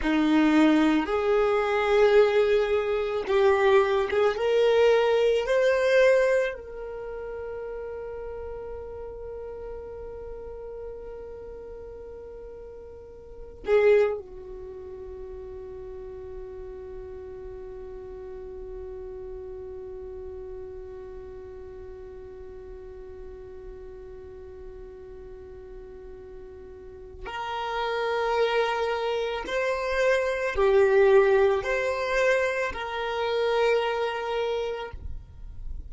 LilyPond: \new Staff \with { instrumentName = "violin" } { \time 4/4 \tempo 4 = 55 dis'4 gis'2 g'8. gis'16 | ais'4 c''4 ais'2~ | ais'1~ | ais'8 gis'8 fis'2.~ |
fis'1~ | fis'1~ | fis'4 ais'2 c''4 | g'4 c''4 ais'2 | }